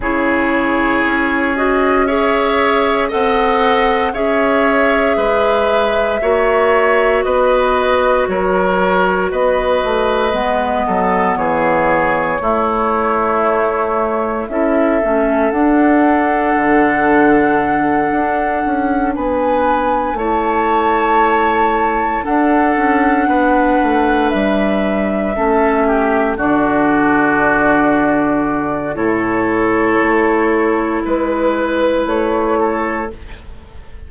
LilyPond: <<
  \new Staff \with { instrumentName = "flute" } { \time 4/4 \tempo 4 = 58 cis''4. dis''8 e''4 fis''4 | e''2. dis''4 | cis''4 dis''2 cis''4~ | cis''2 e''4 fis''4~ |
fis''2~ fis''8 gis''4 a''8~ | a''4. fis''2 e''8~ | e''4. d''2~ d''8 | cis''2 b'4 cis''4 | }
  \new Staff \with { instrumentName = "oboe" } { \time 4/4 gis'2 cis''4 dis''4 | cis''4 b'4 cis''4 b'4 | ais'4 b'4. a'8 gis'4 | e'2 a'2~ |
a'2~ a'8 b'4 cis''8~ | cis''4. a'4 b'4.~ | b'8 a'8 g'8 fis'2~ fis'8 | a'2 b'4. a'8 | }
  \new Staff \with { instrumentName = "clarinet" } { \time 4/4 e'4. fis'8 gis'4 a'4 | gis'2 fis'2~ | fis'2 b2 | a2 e'8 cis'8 d'4~ |
d'2.~ d'8 e'8~ | e'4. d'2~ d'8~ | d'8 cis'4 d'2~ d'8 | e'1 | }
  \new Staff \with { instrumentName = "bassoon" } { \time 4/4 cis4 cis'2 c'4 | cis'4 gis4 ais4 b4 | fis4 b8 a8 gis8 fis8 e4 | a2 cis'8 a8 d'4 |
d4. d'8 cis'8 b4 a8~ | a4. d'8 cis'8 b8 a8 g8~ | g8 a4 d2~ d8 | a,4 a4 gis4 a4 | }
>>